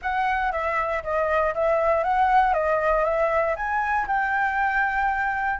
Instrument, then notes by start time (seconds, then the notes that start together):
flute
0.01 F#5
0.52 E5
1.03 D#5
1.54 E5
2.03 F#5
2.53 D#5
3.04 E5
3.55 G#5
4.07 G5